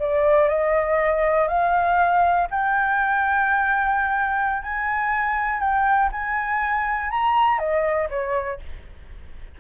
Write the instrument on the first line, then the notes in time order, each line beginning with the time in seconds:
flute
0.00 D5
0.49 D#5
1.48 F5
2.51 G5
4.63 G#5
5.60 G5
6.12 G#5
7.11 A#5
7.59 D#5
8.10 C#5